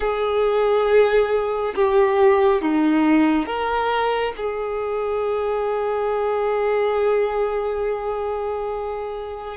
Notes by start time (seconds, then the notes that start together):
0.00 G#4
1.75 G4
2.61 D#4
3.46 A#4
4.36 G#4